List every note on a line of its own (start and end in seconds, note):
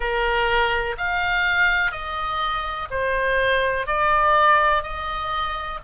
0.00 0.95 A#4
0.97 1.91 F5
1.91 2.88 D#5
2.90 3.87 C5
3.87 4.83 D5
4.83 5.79 D#5